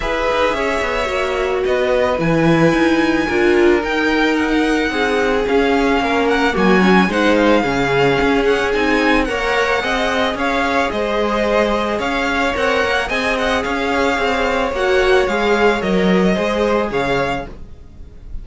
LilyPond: <<
  \new Staff \with { instrumentName = "violin" } { \time 4/4 \tempo 4 = 110 e''2. dis''4 | gis''2. g''4 | fis''2 f''4. fis''8 | gis''4 fis''8 f''2 fis''8 |
gis''4 fis''2 f''4 | dis''2 f''4 fis''4 | gis''8 fis''8 f''2 fis''4 | f''4 dis''2 f''4 | }
  \new Staff \with { instrumentName = "violin" } { \time 4/4 b'4 cis''2 b'4~ | b'2 ais'2~ | ais'4 gis'2 ais'4 | fis'4 c''4 gis'2~ |
gis'4 cis''4 dis''4 cis''4 | c''2 cis''2 | dis''4 cis''2.~ | cis''2 c''4 cis''4 | }
  \new Staff \with { instrumentName = "viola" } { \time 4/4 gis'2 fis'2 | e'2 f'4 dis'4~ | dis'2 cis'2 | ais8 cis'8 dis'4 cis'2 |
dis'4 ais'4 gis'2~ | gis'2. ais'4 | gis'2. fis'4 | gis'4 ais'4 gis'2 | }
  \new Staff \with { instrumentName = "cello" } { \time 4/4 e'8 dis'8 cis'8 b8 ais4 b4 | e4 dis'4 d'4 dis'4~ | dis'4 c'4 cis'4 ais4 | fis4 gis4 cis4 cis'4 |
c'4 ais4 c'4 cis'4 | gis2 cis'4 c'8 ais8 | c'4 cis'4 c'4 ais4 | gis4 fis4 gis4 cis4 | }
>>